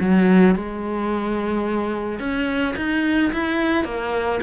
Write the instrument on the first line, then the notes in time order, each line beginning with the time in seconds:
cello
0.00 F#3
0.55 G#3
2.19 C#4
2.77 D#4
3.33 E4
3.85 A#3